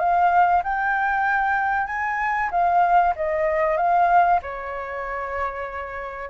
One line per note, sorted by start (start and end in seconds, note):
0.00 0.63 F5
0.64 1.87 G5
1.87 2.50 G#5
2.51 3.15 F5
3.16 3.78 D#5
3.78 4.41 F5
4.43 6.30 C#5